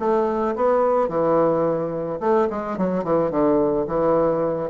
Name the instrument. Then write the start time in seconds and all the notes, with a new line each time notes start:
bassoon
0.00 A3
0.56 B3
1.09 E3
2.20 A3
2.51 G#3
2.78 F#3
3.05 E3
3.31 D3
3.88 E3